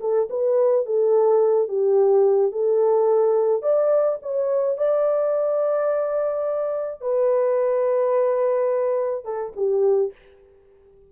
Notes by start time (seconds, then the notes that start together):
0.00 A4
0.30 B4
0.85 A4
1.68 G4
2.52 A4
3.62 D5
4.22 C#5
4.77 D5
7.01 B4
9.24 A4
9.56 G4